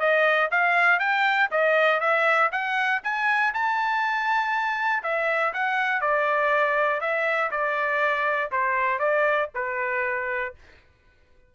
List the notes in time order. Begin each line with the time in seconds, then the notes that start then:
0.00 D#5
0.51 F5
1.00 G5
1.51 D#5
2.00 E5
2.52 F#5
3.03 G#5
3.54 A5
5.03 E5
5.53 F#5
6.01 D5
7.00 E5
7.51 D5
8.51 C5
8.99 D5
9.55 B4